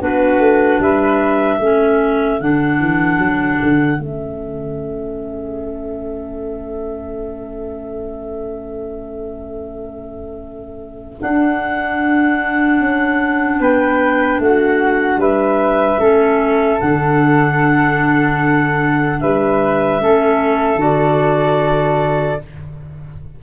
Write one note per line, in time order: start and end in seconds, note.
0.00 0.39 B3
0.00 1.60 D4
0.00 0.81 F#4
0.00 0.82 B4
0.39 0.79 A3
0.79 1.59 G3
0.79 1.59 B4
0.79 2.41 E5
1.59 2.40 A3
1.59 2.41 C#4
1.59 13.59 A4
2.40 2.80 D3
2.40 3.98 D4
2.40 4.00 F#5
2.80 3.18 E3
3.18 3.58 F#3
3.62 3.99 D3
3.98 11.19 A3
3.98 11.18 C#4
3.98 11.20 E5
11.20 16.00 D4
11.20 12.81 D4
11.20 13.61 F#5
12.81 13.60 C#4
13.60 14.39 B3
13.60 14.41 B4
13.60 14.41 G5
14.39 15.17 A3
14.39 15.20 F#4
14.39 15.21 F#5
15.17 15.97 G3
15.17 16.00 B4
15.17 16.80 E5
15.99 16.79 A3
15.99 16.80 C#4
15.99 19.20 A4
16.80 19.22 D3
16.80 20.00 D4
16.80 19.20 F#5
19.20 20.01 G3
19.20 20.02 B4
19.20 20.80 E5
20.00 20.76 A3
20.00 20.78 C#4
20.00 22.43 A4
20.76 22.36 D3
20.76 22.38 F#4
20.82 22.42 D5